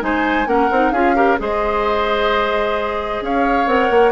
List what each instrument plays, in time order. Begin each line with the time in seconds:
0.00 bassoon G#3, clarinet D#4, oboe C5, flute G#5
0.47 bassoon A#3, clarinet C#4, oboe A#4, flute F#5
0.71 bassoon C4, clarinet D#4
0.92 bassoon C#4, clarinet F4, oboe G#4, flute F5
1.15 clarinet G4, oboe A#4
1.39 bassoon G#3, clarinet G#4, oboe C5, flute D#5
3.21 bassoon C#4, oboe C#5, flute F5
3.67 bassoon C4, clarinet A#4, flute F#5
3.91 bassoon A#3